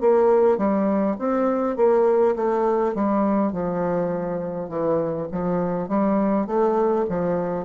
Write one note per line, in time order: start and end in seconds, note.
0.00 0.57 A#3
0.57 1.16 G3
1.19 1.76 C4
1.76 2.35 A#3
2.36 2.94 A3
2.94 3.52 G3
3.52 4.68 F3
4.68 5.27 E3
5.31 5.88 F3
5.88 6.47 G3
6.47 7.05 A3
7.09 7.65 F3